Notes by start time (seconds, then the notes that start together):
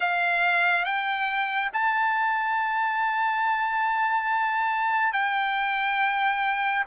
0.00 F5
0.84 G5
1.73 A5
5.12 G5